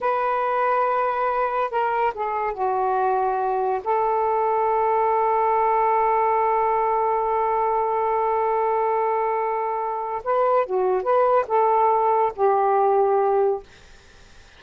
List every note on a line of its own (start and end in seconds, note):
0.01 1.70 B4
1.70 2.13 A#4
2.14 2.53 G#4
2.53 3.81 F#4
3.84 10.22 A4
10.24 10.66 B4
10.66 11.03 F#4
11.03 11.45 B4
11.47 12.32 A4
12.35 13.63 G4